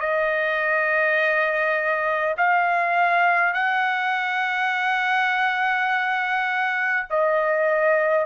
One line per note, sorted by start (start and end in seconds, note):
0.00 2.35 D#5
2.37 3.53 F5
3.53 7.06 F#5
7.10 8.26 D#5